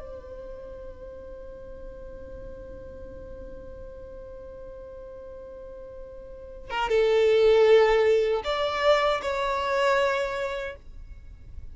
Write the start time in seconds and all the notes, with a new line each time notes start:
0.00 C5
6.70 A#4
6.89 A4
8.44 D5
9.22 C#5